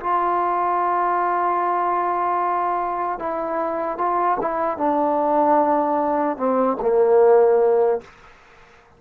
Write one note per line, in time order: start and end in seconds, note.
0.00 3.19 F4
3.19 3.98 E4
3.98 4.38 F4
4.41 4.77 E4
4.77 6.37 D4
6.37 6.77 C4
6.81 8.01 A#3